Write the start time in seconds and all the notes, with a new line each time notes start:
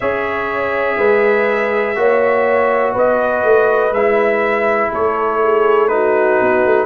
0.00 C#4 G#4 C#5 E5
0.97 G#3 B4
1.95 A#3 F#4 C#5
2.93 B3 B4 D#5
3.43 A3
3.91 G#3 E4 E5
4.92 A3 A4 C#5
5.43 G#4
5.87 D#4 F#4 B4
6.41 B3
6.65 A3